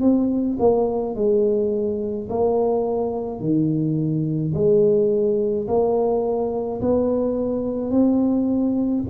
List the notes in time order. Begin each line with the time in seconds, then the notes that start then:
0.00 C4
0.59 A#3
1.15 G#3
2.29 A#3
3.40 D#3
4.54 G#3
5.67 A#3
6.81 B3
7.90 C4